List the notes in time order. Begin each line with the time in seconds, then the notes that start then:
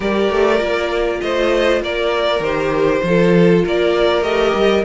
0.00 G3 G4 A#4 D5
0.30 A3
0.58 A#3 F4
1.21 A3 C5 D#5
1.81 A#3 A#4 D5
2.39 D#3 G4 C5
3.03 F3 F4 A4
3.64 A#3 A#4 D5
4.22 A3 G4 D#5
4.54 G3